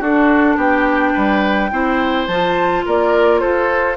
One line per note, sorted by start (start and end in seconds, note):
0.00 0.57 D4
0.00 1.71 D4
0.00 0.57 F#4
0.00 0.60 A4
0.57 1.13 B3
0.57 1.13 G4
0.57 2.27 G5
1.13 1.72 G3
1.13 1.70 B4
1.71 2.27 C4
1.71 2.28 E4
1.71 2.86 C5
2.27 2.84 F3
2.27 3.97 F4
2.27 2.84 A5
2.86 3.43 A#3
2.86 3.41 A#4
2.86 3.40 D5
3.40 3.97 F4
3.40 3.97 A4
3.40 3.96 C5